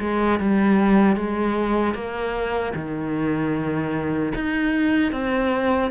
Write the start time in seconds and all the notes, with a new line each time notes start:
0.00 G#3
0.39 G3
1.16 G#3
1.94 A#3
2.75 D#3
4.35 D#4
5.12 C4